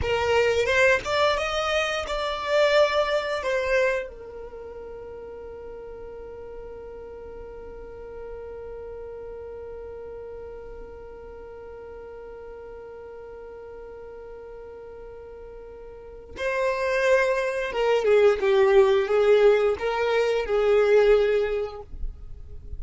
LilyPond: \new Staff \with { instrumentName = "violin" } { \time 4/4 \tempo 4 = 88 ais'4 c''8 d''8 dis''4 d''4~ | d''4 c''4 ais'2~ | ais'1~ | ais'1~ |
ais'1~ | ais'1 | c''2 ais'8 gis'8 g'4 | gis'4 ais'4 gis'2 | }